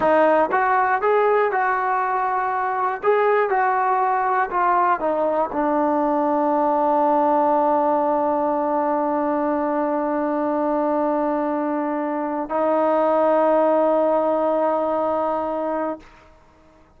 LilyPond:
\new Staff \with { instrumentName = "trombone" } { \time 4/4 \tempo 4 = 120 dis'4 fis'4 gis'4 fis'4~ | fis'2 gis'4 fis'4~ | fis'4 f'4 dis'4 d'4~ | d'1~ |
d'1~ | d'1~ | d'4 dis'2.~ | dis'1 | }